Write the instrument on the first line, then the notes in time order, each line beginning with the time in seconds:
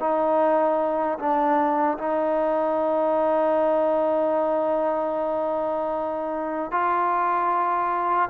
trombone
0.00 D#4
1.19 D4
1.99 D#4
6.72 F4